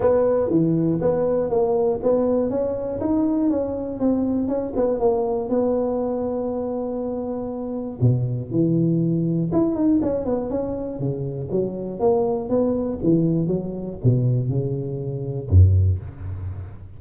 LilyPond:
\new Staff \with { instrumentName = "tuba" } { \time 4/4 \tempo 4 = 120 b4 e4 b4 ais4 | b4 cis'4 dis'4 cis'4 | c'4 cis'8 b8 ais4 b4~ | b1 |
b,4 e2 e'8 dis'8 | cis'8 b8 cis'4 cis4 fis4 | ais4 b4 e4 fis4 | b,4 cis2 fis,4 | }